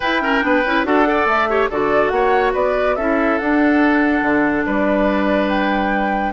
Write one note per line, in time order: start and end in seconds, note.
0.00 0.43 E4
0.00 0.21 E4
0.00 0.21 B4
0.00 0.84 G5
0.21 0.41 C#4
0.21 0.44 A#4
0.41 0.64 B3
0.41 0.62 D4
0.41 0.86 B4
0.65 0.84 C#4
0.65 0.85 E4
0.84 1.25 D4
0.84 1.03 F#4
0.84 1.07 A4
0.84 1.27 F#5
1.03 1.46 A4
1.03 1.49 D5
1.25 1.67 A3
1.25 1.69 E5
1.49 1.70 G4
1.49 1.69 C#5
1.69 2.11 D3
1.69 2.98 F#4
1.69 2.11 A4
1.69 2.08 D5
2.08 2.53 A#3
2.08 2.50 F#5
2.14 2.53 C#5
2.53 2.97 B3
2.53 2.95 B4
2.53 2.95 D5
2.95 3.39 C#4
2.95 3.40 E4
2.95 4.65 A4
2.95 3.37 E5
3.38 4.22 D4
3.38 6.33 D4
3.38 4.64 F#5
4.22 4.64 D3
4.65 6.33 G3
4.65 6.33 B4
4.65 5.48 D5
5.48 6.33 G5